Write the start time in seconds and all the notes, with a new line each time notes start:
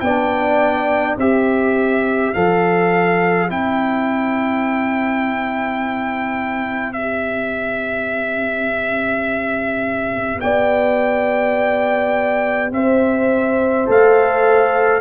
0.00 B3 D4 D5 G5
1.17 C4 G4 C5 E5
2.34 F3 A4 F5
3.49 C4 E4 G5
6.93 G4 E5
10.40 B3 D5 G5
12.71 C4 C5 E5
13.86 A3 A4 F5